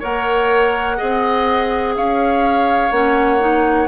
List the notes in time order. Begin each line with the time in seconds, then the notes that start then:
0.00 A#3 A#4 C#5 F#5
0.98 C4 G#4 D#5
1.95 C#4 C#5 F5
2.91 A#3 C#4 F#5
3.40 D#4